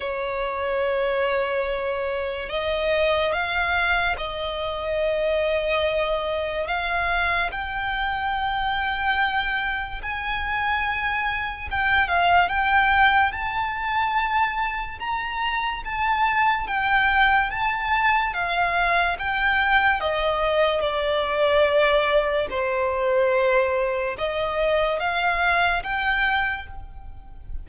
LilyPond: \new Staff \with { instrumentName = "violin" } { \time 4/4 \tempo 4 = 72 cis''2. dis''4 | f''4 dis''2. | f''4 g''2. | gis''2 g''8 f''8 g''4 |
a''2 ais''4 a''4 | g''4 a''4 f''4 g''4 | dis''4 d''2 c''4~ | c''4 dis''4 f''4 g''4 | }